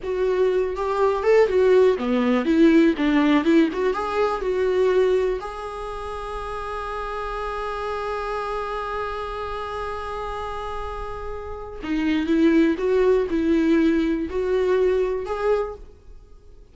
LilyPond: \new Staff \with { instrumentName = "viola" } { \time 4/4 \tempo 4 = 122 fis'4. g'4 a'8 fis'4 | b4 e'4 d'4 e'8 fis'8 | gis'4 fis'2 gis'4~ | gis'1~ |
gis'1~ | gis'1 | dis'4 e'4 fis'4 e'4~ | e'4 fis'2 gis'4 | }